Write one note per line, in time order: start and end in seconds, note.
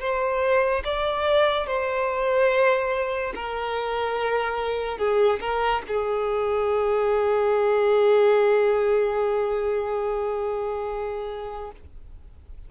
0.00 0.83 C5
0.84 1.67 D5
1.67 3.33 C5
3.35 4.98 A#4
4.98 5.40 G#4
5.41 5.82 A#4
5.88 11.71 G#4